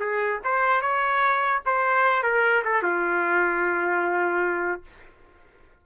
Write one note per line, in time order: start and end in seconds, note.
0.00 0.40 G#4
0.44 0.82 C5
0.82 1.62 C#5
1.66 2.23 C5
2.23 2.63 A#4
2.65 2.83 A4
2.83 4.83 F4